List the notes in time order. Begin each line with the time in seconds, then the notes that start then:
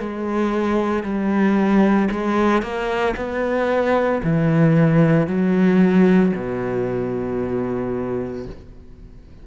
0.00 G#3
1.03 G3
2.11 G#3
2.63 A#3
3.17 B3
4.23 E3
5.27 F#3
6.36 B2